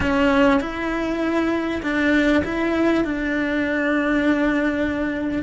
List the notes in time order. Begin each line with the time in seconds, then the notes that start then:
0.00 C#4
0.60 E4
1.82 D4
2.44 E4
3.04 D4